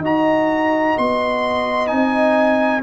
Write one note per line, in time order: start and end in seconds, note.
0.00 0.94 D#4
0.00 1.87 F#4
0.00 2.83 D#5
0.00 0.98 A#5
0.98 1.92 B3
0.98 1.87 C6
1.87 2.83 C4
1.87 2.81 D#4
1.87 2.81 G#5